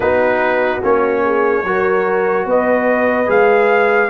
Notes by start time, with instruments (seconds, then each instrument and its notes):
0.00 tuba B3, trombone D#4, horn F#4, trumpet B4
0.82 tuba A#3, trombone C#4, trumpet C#5
1.24 horn G#4
1.64 tuba F#3, trombone F#4, horn A#4
2.45 tuba B3, horn B4, trumpet D#5
3.26 tuba G#3, trombone G#4, trumpet F5